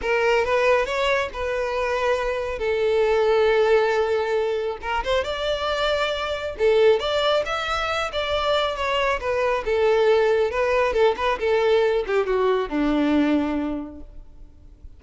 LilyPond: \new Staff \with { instrumentName = "violin" } { \time 4/4 \tempo 4 = 137 ais'4 b'4 cis''4 b'4~ | b'2 a'2~ | a'2. ais'8 c''8 | d''2. a'4 |
d''4 e''4. d''4. | cis''4 b'4 a'2 | b'4 a'8 b'8 a'4. g'8 | fis'4 d'2. | }